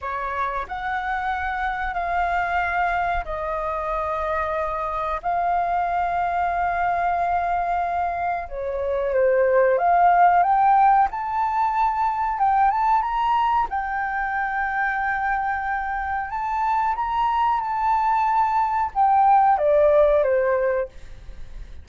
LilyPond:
\new Staff \with { instrumentName = "flute" } { \time 4/4 \tempo 4 = 92 cis''4 fis''2 f''4~ | f''4 dis''2. | f''1~ | f''4 cis''4 c''4 f''4 |
g''4 a''2 g''8 a''8 | ais''4 g''2.~ | g''4 a''4 ais''4 a''4~ | a''4 g''4 d''4 c''4 | }